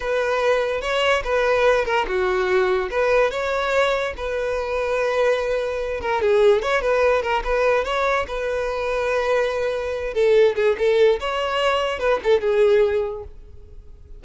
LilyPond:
\new Staff \with { instrumentName = "violin" } { \time 4/4 \tempo 4 = 145 b'2 cis''4 b'4~ | b'8 ais'8 fis'2 b'4 | cis''2 b'2~ | b'2~ b'8 ais'8 gis'4 |
cis''8 b'4 ais'8 b'4 cis''4 | b'1~ | b'8 a'4 gis'8 a'4 cis''4~ | cis''4 b'8 a'8 gis'2 | }